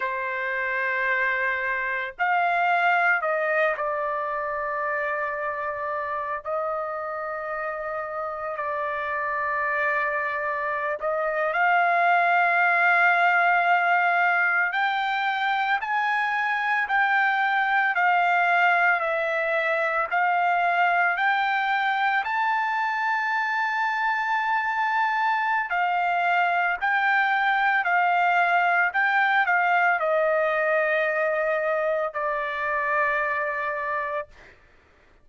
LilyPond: \new Staff \with { instrumentName = "trumpet" } { \time 4/4 \tempo 4 = 56 c''2 f''4 dis''8 d''8~ | d''2 dis''2 | d''2~ d''16 dis''8 f''4~ f''16~ | f''4.~ f''16 g''4 gis''4 g''16~ |
g''8. f''4 e''4 f''4 g''16~ | g''8. a''2.~ a''16 | f''4 g''4 f''4 g''8 f''8 | dis''2 d''2 | }